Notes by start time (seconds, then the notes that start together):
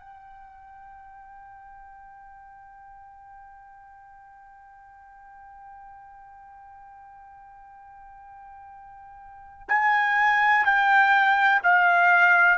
0.00 G5
9.69 G#5
10.65 G5
11.63 F5